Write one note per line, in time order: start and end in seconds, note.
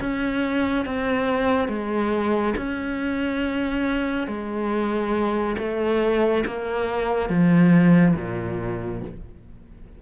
0.00 0.85 C#4
0.85 1.68 C4
1.68 2.54 G#3
2.57 4.27 C#4
4.27 5.56 G#3
5.58 6.44 A3
6.46 7.29 A#3
7.29 8.15 F3
8.16 9.02 A#2